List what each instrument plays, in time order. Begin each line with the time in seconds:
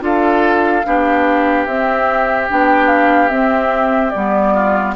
0.00 bassoon D4, clarinet F4, oboe A4, flute F5
0.86 bassoon B3, clarinet D4, oboe G4
1.65 bassoon C4, clarinet C4, flute E5
2.50 bassoon B3, clarinet D4, flute G5
2.88 flute F5
3.29 clarinet C4, bassoon C4, flute E5
4.10 bassoon G3, clarinet B3, flute D5
4.53 oboe F4